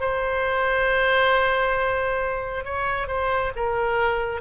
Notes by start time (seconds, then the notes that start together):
0.00 C5
2.65 C#5
3.07 C5
3.55 A#4